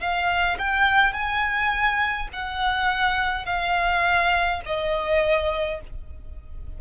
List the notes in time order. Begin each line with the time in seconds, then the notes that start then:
0.00 F5
0.59 G5
1.13 G#5
2.33 F#5
3.46 F5
4.66 D#5